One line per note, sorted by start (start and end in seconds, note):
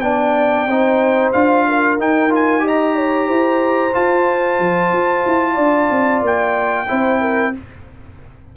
0.00 0.66 B3
0.00 0.68 D4
0.00 0.68 D5
0.00 1.30 G5
0.66 1.31 C4
0.66 1.33 D#4
0.66 1.66 C5
1.32 1.98 D4
1.32 1.99 F4
1.32 1.98 F5
1.68 2.64 A#4
1.98 3.28 D#4
1.98 2.29 D#4
1.98 2.33 G5
2.29 2.60 F4
2.29 2.67 G#5
2.60 3.90 G4
2.60 2.95 D#5
2.67 3.94 A#5
2.95 3.27 C#5
3.27 3.94 E4
3.27 5.53 C5
3.93 6.86 F4
3.93 4.59 F4
3.93 6.23 A5
4.59 4.92 F3
4.92 5.24 F4
5.25 5.57 E4
5.53 5.90 D4
5.53 6.83 D5
5.90 6.21 C4
6.21 6.86 A#3
6.21 7.56 G5
6.88 7.56 C4
6.88 7.53 E4
6.88 7.21 C5
7.21 7.53 A#4